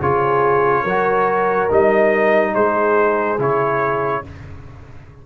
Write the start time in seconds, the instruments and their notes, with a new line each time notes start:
0.00 tuba C#3, trombone F4, horn G#4, trumpet C#5
0.83 tuba F#3, trombone F#4, horn A#4
1.69 tuba G3, trombone D#4, trumpet D#5
2.54 tuba G#3, horn G#4, trumpet C5
3.39 tuba C#3, trombone E4, trumpet C#5